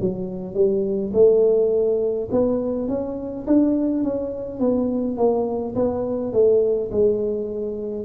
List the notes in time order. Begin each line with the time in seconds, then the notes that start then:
0.00 F#3
0.54 G3
1.13 A3
2.31 B3
2.88 C#4
3.47 D4
4.03 C#4
4.59 B3
5.17 A#3
5.75 B3
6.33 A3
6.91 G#3